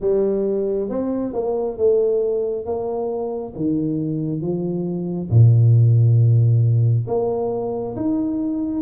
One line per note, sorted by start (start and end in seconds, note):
0.00 0.89 G3
0.89 1.33 C4
1.33 1.77 A#3
1.77 2.65 A3
2.65 3.53 A#3
3.55 4.41 D#3
4.41 5.29 F3
5.30 7.06 A#2
7.07 7.95 A#3
7.95 8.82 D#4